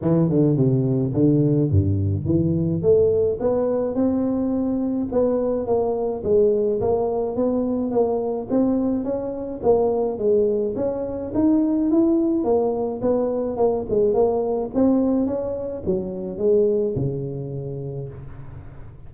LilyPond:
\new Staff \with { instrumentName = "tuba" } { \time 4/4 \tempo 4 = 106 e8 d8 c4 d4 g,4 | e4 a4 b4 c'4~ | c'4 b4 ais4 gis4 | ais4 b4 ais4 c'4 |
cis'4 ais4 gis4 cis'4 | dis'4 e'4 ais4 b4 | ais8 gis8 ais4 c'4 cis'4 | fis4 gis4 cis2 | }